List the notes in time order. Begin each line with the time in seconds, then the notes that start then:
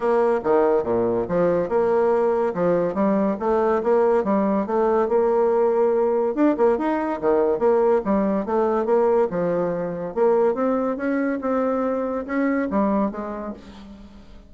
0.00 A#3
0.43 D#3
0.83 A#2
1.28 F3
1.69 A#3
2.54 F3
2.94 G3
3.39 A3
3.83 A#3
4.24 G3
4.66 A3
5.08 A#3
6.35 D4
6.57 A#3
6.77 D#4
7.20 D#3
7.58 A#3
8.04 G3
8.45 A3
8.85 A#3
9.30 F3
10.14 A#3
10.54 C4
10.96 C#4
11.41 C4
12.26 C#4
12.70 G3
13.11 G#3